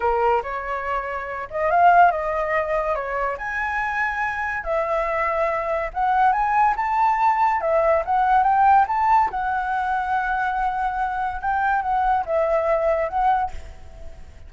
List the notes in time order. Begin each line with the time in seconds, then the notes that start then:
0.00 A#4
0.42 C#5
1.50 D#5
1.70 F5
2.11 D#5
2.95 C#5
3.37 G#5
4.63 E5
5.93 F#5
6.32 G#5
6.76 A5
7.61 E5
8.05 F#5
8.43 G5
8.87 A5
9.30 F#5
11.41 G5
11.82 F#5
12.25 E5
13.08 F#5